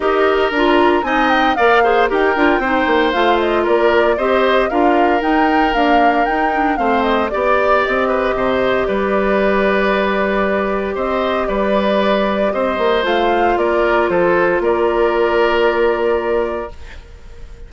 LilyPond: <<
  \new Staff \with { instrumentName = "flute" } { \time 4/4 \tempo 4 = 115 dis''4 ais''4 gis''8 g''8 f''4 | g''2 f''8 dis''8 d''4 | dis''4 f''4 g''4 f''4 | g''4 f''8 dis''8 d''4 dis''4~ |
dis''4 d''2.~ | d''4 dis''4 d''2 | dis''4 f''4 d''4 c''4 | d''1 | }
  \new Staff \with { instrumentName = "oboe" } { \time 4/4 ais'2 dis''4 d''8 c''8 | ais'4 c''2 ais'4 | c''4 ais'2.~ | ais'4 c''4 d''4. b'8 |
c''4 b'2.~ | b'4 c''4 b'2 | c''2 ais'4 a'4 | ais'1 | }
  \new Staff \with { instrumentName = "clarinet" } { \time 4/4 g'4 f'4 dis'4 ais'8 gis'8 | g'8 f'8 dis'4 f'2 | g'4 f'4 dis'4 ais4 | dis'8 d'8 c'4 g'2~ |
g'1~ | g'1~ | g'4 f'2.~ | f'1 | }
  \new Staff \with { instrumentName = "bassoon" } { \time 4/4 dis'4 d'4 c'4 ais4 | dis'8 d'8 c'8 ais8 a4 ais4 | c'4 d'4 dis'4 d'4 | dis'4 a4 b4 c'4 |
c4 g2.~ | g4 c'4 g2 | c'8 ais8 a4 ais4 f4 | ais1 | }
>>